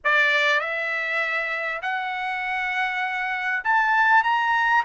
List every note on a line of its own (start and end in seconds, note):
0.04 0.60 D5
0.60 1.81 E5
1.82 3.63 F#5
3.64 4.23 A5
4.23 4.83 A#5